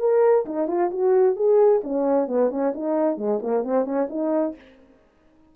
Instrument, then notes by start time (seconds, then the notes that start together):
horn
0.00 A#4
0.46 D#4
0.68 F4
0.91 F#4
1.36 G#4
1.84 C#4
2.28 B3
2.51 C#4
2.75 D#4
3.18 G#3
3.43 A#3
3.64 C4
3.85 C#4
4.10 D#4